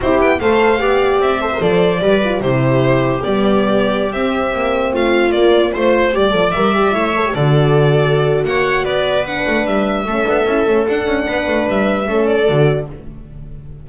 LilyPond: <<
  \new Staff \with { instrumentName = "violin" } { \time 4/4 \tempo 4 = 149 c''8 g''8 f''2 e''4 | d''2 c''2 | d''2~ d''16 e''4.~ e''16~ | e''16 f''4 d''4 c''4 d''8.~ |
d''16 e''2 d''4.~ d''16~ | d''4 fis''4 d''4 fis''4 | e''2. fis''4~ | fis''4 e''4. d''4. | }
  \new Staff \with { instrumentName = "viola" } { \time 4/4 g'4 c''4 d''4. c''8~ | c''4 b'4 g'2~ | g'1~ | g'16 f'2 c''4 d''8.~ |
d''4~ d''16 cis''4 a'4.~ a'16~ | a'4 cis''4 b'2~ | b'4 a'2. | b'2 a'2 | }
  \new Staff \with { instrumentName = "horn" } { \time 4/4 e'4 a'4 g'4. a'16 ais'16 | a'4 g'8 f'8 e'2 | b2~ b16 c'4.~ c'16~ | c'4~ c'16 ais4 f'4 g'8 a'16~ |
a'16 ais'8 g'8 e'8 a'16 g'16 fis'4.~ fis'16~ | fis'2. d'4~ | d'4 cis'8 d'8 e'8 cis'8 d'4~ | d'2 cis'4 fis'4 | }
  \new Staff \with { instrumentName = "double bass" } { \time 4/4 c'8 b8 a4 b4 c'4 | f4 g4 c2 | g2~ g16 c'4 ais8.~ | ais16 a4 ais4 a4 g8 f16~ |
f16 g4 a4 d4.~ d16~ | d4 ais4 b4. a8 | g4 a8 b8 cis'8 a8 d'8 cis'8 | b8 a8 g4 a4 d4 | }
>>